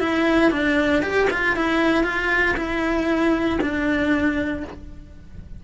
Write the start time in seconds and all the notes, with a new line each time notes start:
0.00 E4
0.51 D4
1.02 G4
1.31 F4
1.56 E4
2.04 F4
2.57 E4
3.61 D4